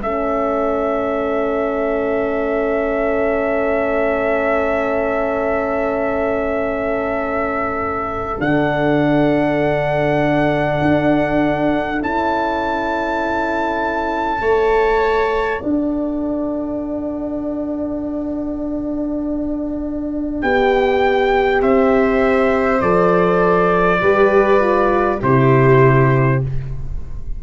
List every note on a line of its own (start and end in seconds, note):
0.00 8.40 A3
0.00 8.39 C#4
0.00 14.42 A4
0.00 8.41 E5
8.39 10.80 D3
8.39 11.99 D4
8.39 12.01 F#5
10.82 12.02 D4
12.01 14.40 C#4
12.01 14.39 E4
12.01 15.62 A5
14.39 15.60 A3
14.39 20.39 A4
14.39 15.61 C#5
15.61 20.43 D4
15.61 21.61 D5
15.61 20.42 F#5
20.42 21.61 B3
20.42 22.82 G4
20.42 21.62 G5
21.61 22.81 C4
21.61 24.01 C5
21.61 22.81 E5
22.81 24.02 F3
22.81 24.01 A4
22.81 25.21 D5
24.01 25.22 G3
24.01 24.60 G4
24.01 25.20 B4
24.60 25.20 F4
25.20 26.42 C3
25.20 26.42 E4
25.20 26.40 G4
25.20 26.43 C5